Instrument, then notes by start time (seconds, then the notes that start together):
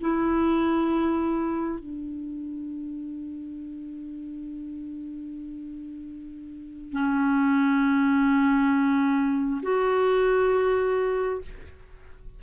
clarinet
0.00 E4
1.79 D4
6.92 C#4
9.62 F#4